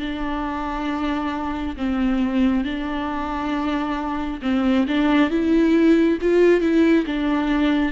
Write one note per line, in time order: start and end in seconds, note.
0.00 1.76 D4
1.77 2.65 C4
2.65 4.41 D4
4.42 4.86 C4
4.88 5.31 D4
5.31 6.19 E4
6.22 6.61 F4
6.61 7.05 E4
7.06 7.93 D4